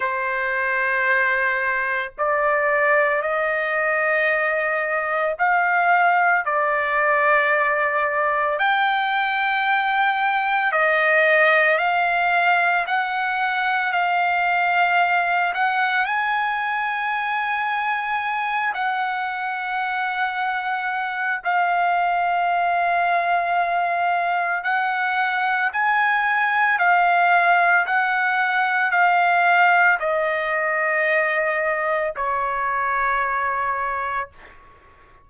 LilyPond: \new Staff \with { instrumentName = "trumpet" } { \time 4/4 \tempo 4 = 56 c''2 d''4 dis''4~ | dis''4 f''4 d''2 | g''2 dis''4 f''4 | fis''4 f''4. fis''8 gis''4~ |
gis''4. fis''2~ fis''8 | f''2. fis''4 | gis''4 f''4 fis''4 f''4 | dis''2 cis''2 | }